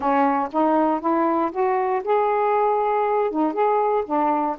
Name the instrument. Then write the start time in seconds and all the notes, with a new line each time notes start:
saxophone
0.00 C#4
0.52 D#4
1.00 E4
1.51 F#4
2.04 G#4
3.30 D#4
3.53 G#4
4.05 D4